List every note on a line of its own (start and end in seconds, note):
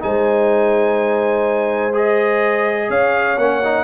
0.00 2.90 G#3
0.00 1.92 D#4
0.00 2.88 C5
0.00 1.95 G#5
1.93 3.37 G#4
1.93 2.90 D#5
2.88 3.38 C#4
2.88 3.84 C#5
2.88 3.38 F5
3.38 3.84 A#3
3.38 3.62 C#4
3.38 3.84 F#5
3.64 3.84 D#4